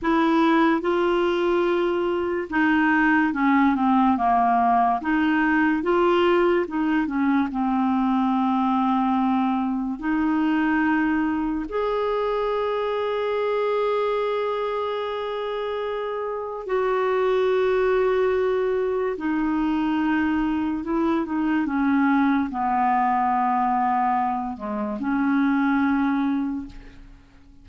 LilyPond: \new Staff \with { instrumentName = "clarinet" } { \time 4/4 \tempo 4 = 72 e'4 f'2 dis'4 | cis'8 c'8 ais4 dis'4 f'4 | dis'8 cis'8 c'2. | dis'2 gis'2~ |
gis'1 | fis'2. dis'4~ | dis'4 e'8 dis'8 cis'4 b4~ | b4. gis8 cis'2 | }